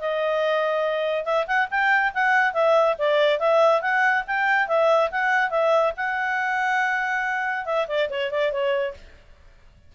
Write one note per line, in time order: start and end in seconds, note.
0.00 1.25 D#5
1.25 1.46 E5
1.47 1.68 F#5
1.71 2.13 G5
2.14 2.54 F#5
2.54 2.96 E5
2.98 3.39 D5
3.39 3.81 E5
3.81 4.24 F#5
4.27 4.68 G5
4.68 5.10 E5
5.11 5.50 F#5
5.50 5.93 E5
5.97 7.65 F#5
7.65 7.87 E5
7.88 8.09 D5
8.10 8.31 C#5
8.31 8.52 D5
8.52 8.94 C#5